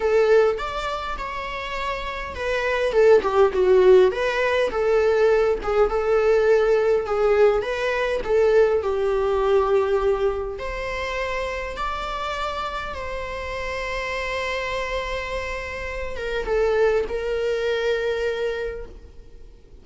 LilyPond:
\new Staff \with { instrumentName = "viola" } { \time 4/4 \tempo 4 = 102 a'4 d''4 cis''2 | b'4 a'8 g'8 fis'4 b'4 | a'4. gis'8 a'2 | gis'4 b'4 a'4 g'4~ |
g'2 c''2 | d''2 c''2~ | c''2.~ c''8 ais'8 | a'4 ais'2. | }